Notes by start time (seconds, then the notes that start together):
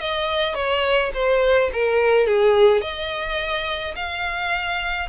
0.00 D#5
0.55 C#5
1.14 C5
1.73 A#4
2.27 G#4
2.81 D#5
3.96 F5